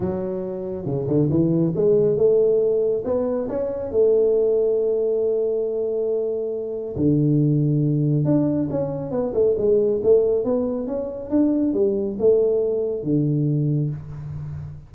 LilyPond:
\new Staff \with { instrumentName = "tuba" } { \time 4/4 \tempo 4 = 138 fis2 cis8 d8 e4 | gis4 a2 b4 | cis'4 a2.~ | a1 |
d2. d'4 | cis'4 b8 a8 gis4 a4 | b4 cis'4 d'4 g4 | a2 d2 | }